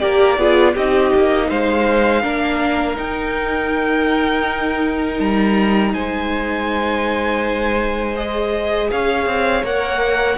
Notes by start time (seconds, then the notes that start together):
0.00 A#3 G4 A#4 D5
0.38 B3 F4 G#4
0.75 C4 D#4 G4 D#5
1.16 A#3
1.48 G#3 C5 F5
2.23 A#3 D4 A#4
2.96 D#4 G5
5.20 G3 A#5
5.94 G#3 C5 G#5
8.16 G#4 D#5
8.91 C#4 C#5 F5
9.27 C4
9.64 A#3 A#4 F#5